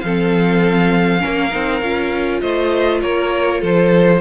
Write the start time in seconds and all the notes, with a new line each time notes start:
0.00 F3 C4 A4 F5
1.19 C#4 A#4
1.25 A#3
1.51 C4 D#4
1.81 C#4 F4
2.40 A3 C5 D#5
3.01 A#3 A#4 C#5
3.60 F3 A4 C5